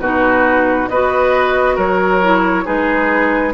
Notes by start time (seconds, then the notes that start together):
0.00 B2 D#4 F#4 B4
0.89 B3 F#4 B4 D#5
1.76 F#3 A#4 C#5
2.23 E4
2.65 G#3 D#4 G#4 B4